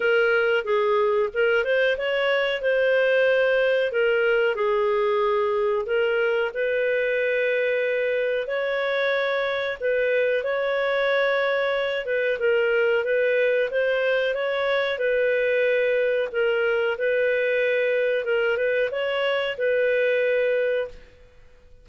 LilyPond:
\new Staff \with { instrumentName = "clarinet" } { \time 4/4 \tempo 4 = 92 ais'4 gis'4 ais'8 c''8 cis''4 | c''2 ais'4 gis'4~ | gis'4 ais'4 b'2~ | b'4 cis''2 b'4 |
cis''2~ cis''8 b'8 ais'4 | b'4 c''4 cis''4 b'4~ | b'4 ais'4 b'2 | ais'8 b'8 cis''4 b'2 | }